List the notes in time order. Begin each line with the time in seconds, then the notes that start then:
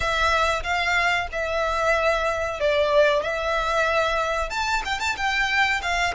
0.00 E5
0.63 F5
1.32 E5
2.60 D5
3.23 E5
4.50 A5
4.84 G5
4.99 A5
5.16 G5
5.82 F5